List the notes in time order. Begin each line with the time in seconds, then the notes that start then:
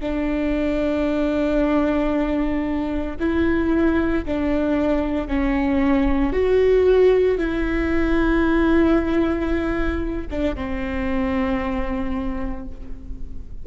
0.00 D4
3.20 E4
4.25 D4
5.27 C#4
6.33 F#4
7.38 E4
10.30 D4
10.55 C4